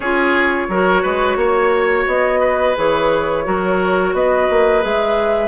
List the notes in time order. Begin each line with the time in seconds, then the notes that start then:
0.00 C#4 F4 G#4 C#5
0.69 F#3 F#4 A#4
1.02 G#3 B4
1.36 A#3 C#5
2.06 B3 D#5
2.40 B4
2.76 E3 G#4 C#5
3.44 F#3 F#4 A#4
4.13 B3 B4 D#5
4.49 A#3
4.81 G#3 G#4 E5